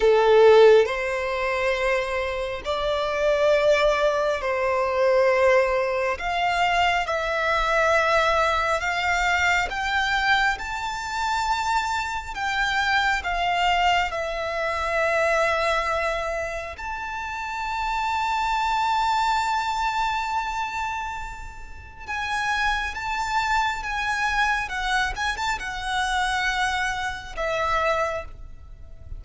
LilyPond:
\new Staff \with { instrumentName = "violin" } { \time 4/4 \tempo 4 = 68 a'4 c''2 d''4~ | d''4 c''2 f''4 | e''2 f''4 g''4 | a''2 g''4 f''4 |
e''2. a''4~ | a''1~ | a''4 gis''4 a''4 gis''4 | fis''8 gis''16 a''16 fis''2 e''4 | }